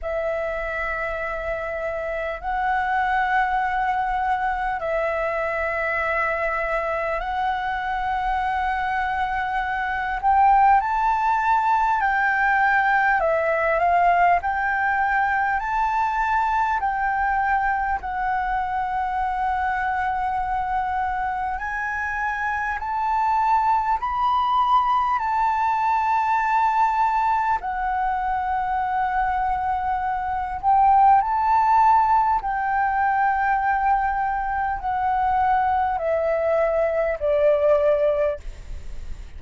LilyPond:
\new Staff \with { instrumentName = "flute" } { \time 4/4 \tempo 4 = 50 e''2 fis''2 | e''2 fis''2~ | fis''8 g''8 a''4 g''4 e''8 f''8 | g''4 a''4 g''4 fis''4~ |
fis''2 gis''4 a''4 | b''4 a''2 fis''4~ | fis''4. g''8 a''4 g''4~ | g''4 fis''4 e''4 d''4 | }